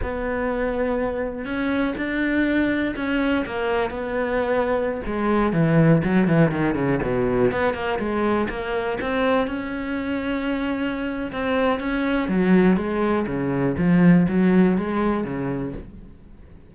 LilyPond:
\new Staff \with { instrumentName = "cello" } { \time 4/4 \tempo 4 = 122 b2. cis'4 | d'2 cis'4 ais4 | b2~ b16 gis4 e8.~ | e16 fis8 e8 dis8 cis8 b,4 b8 ais16~ |
ais16 gis4 ais4 c'4 cis'8.~ | cis'2. c'4 | cis'4 fis4 gis4 cis4 | f4 fis4 gis4 cis4 | }